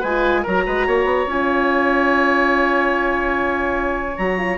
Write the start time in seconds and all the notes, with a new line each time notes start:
0.00 G#3 B4 G#5
0.06 F4
0.43 F#3 A#4 A#5
0.50 F#4
0.66 G#3 B4
0.87 A#3 C#5
1.05 B3
1.26 C#4 F4 G#5
4.17 F#3 F#4 A#5
4.38 F4